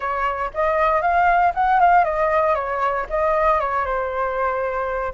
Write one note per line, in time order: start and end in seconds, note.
0.00 0.51 C#5
0.54 1.01 D#5
1.01 1.52 F5
1.54 1.79 F#5
1.79 2.04 F5
2.04 2.55 D#5
2.55 3.06 C#5
3.09 3.60 D#5
3.60 3.85 C#5
3.85 5.13 C5